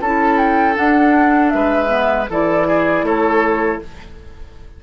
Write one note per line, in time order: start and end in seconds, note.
0.00 0.76 C#4
0.00 0.74 E4
0.00 1.53 A4
0.00 0.37 A5
0.37 0.75 G5
0.74 1.87 D4
0.74 1.54 D4
0.74 1.49 F#5
1.49 2.28 G#3
1.49 2.29 B4
1.49 2.25 E5
1.87 2.25 B3
2.28 3.02 E3
2.28 3.83 E4
2.28 2.67 A4
2.28 3.05 D5
2.67 3.05 G#4
3.02 3.78 A3
3.02 3.81 A4
3.02 3.81 C#5